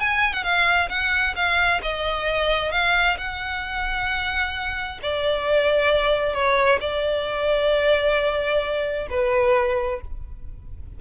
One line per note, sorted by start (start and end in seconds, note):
0.00 0.33 G#5
0.33 0.43 F#5
0.43 0.88 F5
0.89 1.35 F#5
1.35 1.81 F5
1.82 2.71 D#5
2.71 3.17 F5
3.18 4.99 F#5
5.02 6.33 D5
6.33 6.79 C#5
6.80 9.08 D5
9.10 10.01 B4